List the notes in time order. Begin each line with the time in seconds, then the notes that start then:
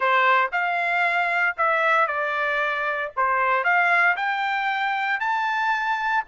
0.00 C5
0.51 F5
1.57 E5
2.07 D5
3.16 C5
3.64 F5
4.16 G5
5.20 A5